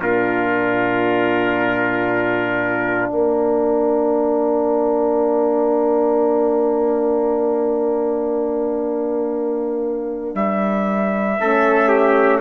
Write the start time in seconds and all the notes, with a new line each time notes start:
0.00 A#2 D4 F4 A#4
3.10 A#3 A#4 F5
10.34 G3 E5
11.39 A3 C#4 A4
11.88 G4